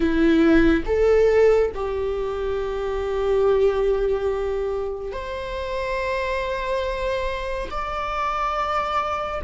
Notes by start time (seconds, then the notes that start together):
0.00 E4
0.85 A4
1.74 G4
5.12 C5
7.70 D5